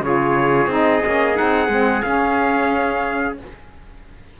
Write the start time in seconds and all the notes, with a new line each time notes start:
0.00 C#3 F4 G#4 C#5
0.66 C4 D#4 D#5
1.04 A#3 C#4
1.34 D#4 F#5
1.41 C4
1.68 G#3 C4
2.02 C#4 F5